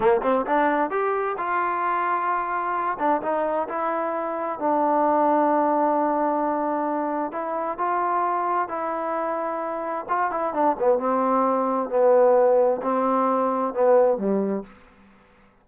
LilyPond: \new Staff \with { instrumentName = "trombone" } { \time 4/4 \tempo 4 = 131 ais8 c'8 d'4 g'4 f'4~ | f'2~ f'8 d'8 dis'4 | e'2 d'2~ | d'1 |
e'4 f'2 e'4~ | e'2 f'8 e'8 d'8 b8 | c'2 b2 | c'2 b4 g4 | }